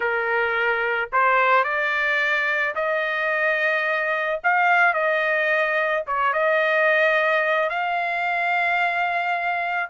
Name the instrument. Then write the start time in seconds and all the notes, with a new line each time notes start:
trumpet
0.00 A#4
1.12 C5
1.64 D5
2.75 D#5
4.43 F5
4.93 D#5
6.06 C#5
6.33 D#5
7.69 F5